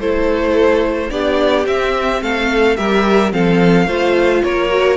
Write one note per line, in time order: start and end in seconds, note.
0.00 1.11 A3
0.00 1.10 E4
0.00 1.12 A4
0.00 1.11 C5
1.10 1.67 B3
1.10 1.66 D4
1.10 2.22 G4
1.10 1.66 D5
1.66 2.77 C4
1.66 2.22 C4
1.66 2.23 E5
2.22 2.78 A3
2.22 2.78 A4
2.22 2.77 F5
2.77 3.33 G3
2.77 3.32 G4
2.77 3.34 A#4
2.77 3.32 E5
3.32 3.87 F3
3.32 3.88 C4
3.32 3.87 A4
3.32 4.44 F5
3.87 4.43 A3
3.87 4.70 F4
3.87 4.43 C5
4.44 4.97 A#3
4.44 4.97 A#4
4.44 4.97 C#5
4.70 4.97 F#4